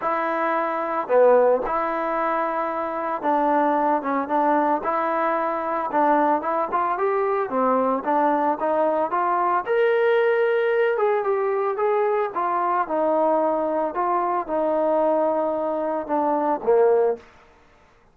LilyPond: \new Staff \with { instrumentName = "trombone" } { \time 4/4 \tempo 4 = 112 e'2 b4 e'4~ | e'2 d'4. cis'8 | d'4 e'2 d'4 | e'8 f'8 g'4 c'4 d'4 |
dis'4 f'4 ais'2~ | ais'8 gis'8 g'4 gis'4 f'4 | dis'2 f'4 dis'4~ | dis'2 d'4 ais4 | }